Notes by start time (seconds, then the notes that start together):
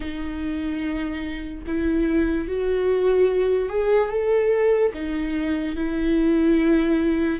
0.00 D#4
1.66 E4
2.48 F#4
3.69 G#4
4.09 A4
4.94 D#4
5.76 E4